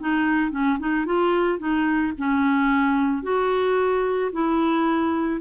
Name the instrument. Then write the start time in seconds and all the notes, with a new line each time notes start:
clarinet
0.00 D#4
0.51 C#4
0.79 D#4
1.05 F4
1.59 D#4
2.18 C#4
3.23 F#4
4.33 E4